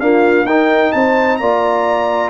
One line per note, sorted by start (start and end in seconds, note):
0.00 0.47 A#3
0.00 0.45 D4
0.00 0.46 F4
0.00 0.46 F5
0.45 0.91 D#4
0.45 1.42 D#4
0.45 0.92 A#4
0.45 0.92 G5
0.92 1.40 C4
0.92 1.40 C5
0.92 1.37 A5
1.37 2.30 A#3
1.37 2.30 F4
1.37 2.30 D5
1.37 2.30 A#5